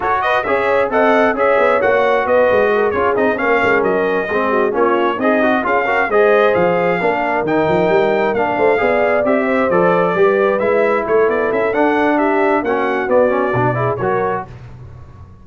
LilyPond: <<
  \new Staff \with { instrumentName = "trumpet" } { \time 4/4 \tempo 4 = 133 cis''8 dis''8 e''4 fis''4 e''4 | fis''4 dis''4. cis''8 dis''8 f''8~ | f''8 dis''2 cis''4 dis''8~ | dis''8 f''4 dis''4 f''4.~ |
f''8 g''2 f''4.~ | f''8 e''4 d''2 e''8~ | e''8 cis''8 d''8 e''8 fis''4 e''4 | fis''4 d''2 cis''4 | }
  \new Staff \with { instrumentName = "horn" } { \time 4/4 a'8 b'8 cis''4 dis''4 cis''4~ | cis''4 b'4 ais'8 gis'4 ais'8~ | ais'4. gis'8 fis'8 f'4 dis'8~ | dis'8 gis'8 ais'8 c''2 ais'8~ |
ais'2. c''8 d''8~ | d''4 c''4. b'4.~ | b'8 a'2~ a'8 g'4 | fis'2~ fis'8 gis'8 ais'4 | }
  \new Staff \with { instrumentName = "trombone" } { \time 4/4 fis'4 gis'4 a'4 gis'4 | fis'2~ fis'8 f'8 dis'8 cis'8~ | cis'4. c'4 cis'4 gis'8 | fis'8 f'8 fis'8 gis'2 d'8~ |
d'8 dis'2 d'4 gis'8~ | gis'8 g'4 a'4 g'4 e'8~ | e'2 d'2 | cis'4 b8 cis'8 d'8 e'8 fis'4 | }
  \new Staff \with { instrumentName = "tuba" } { \time 4/4 fis'4 cis'4 c'4 cis'8 b8 | ais4 b8 gis4 cis'8 c'8 ais8 | gis8 fis4 gis4 ais4 c'8~ | c'8 cis'4 gis4 f4 ais8~ |
ais8 dis8 f8 g4 ais8 a8 b8~ | b8 c'4 f4 g4 gis8~ | gis8 a8 b8 cis'8 d'2 | ais4 b4 b,4 fis4 | }
>>